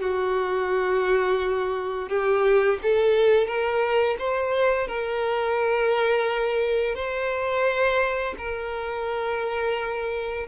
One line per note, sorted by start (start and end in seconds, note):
0.00 2.09 F#4
2.09 2.78 G4
2.82 3.47 A4
3.47 4.16 A#4
4.18 4.87 C5
4.87 6.95 A#4
6.95 8.34 C5
8.37 10.47 A#4